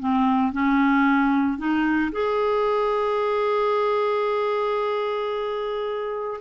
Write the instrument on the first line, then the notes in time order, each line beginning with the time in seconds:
clarinet
0.00 C4
0.53 C#4
1.58 D#4
2.12 G#4